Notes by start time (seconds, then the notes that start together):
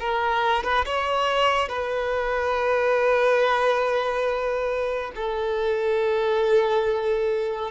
0.00 A#4
0.64 B4
0.86 C#5
1.69 B4
5.16 A4